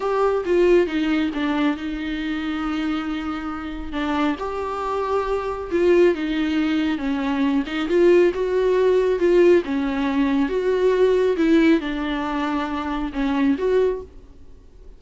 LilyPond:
\new Staff \with { instrumentName = "viola" } { \time 4/4 \tempo 4 = 137 g'4 f'4 dis'4 d'4 | dis'1~ | dis'4 d'4 g'2~ | g'4 f'4 dis'2 |
cis'4. dis'8 f'4 fis'4~ | fis'4 f'4 cis'2 | fis'2 e'4 d'4~ | d'2 cis'4 fis'4 | }